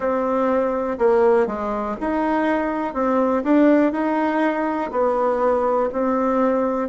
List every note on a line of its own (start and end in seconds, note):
0.00 0.98 C4
0.98 1.46 A#3
1.46 1.95 G#3
2.00 2.94 D#4
2.94 3.43 C4
3.43 3.92 D4
3.92 4.90 D#4
4.91 5.89 B3
5.92 6.89 C4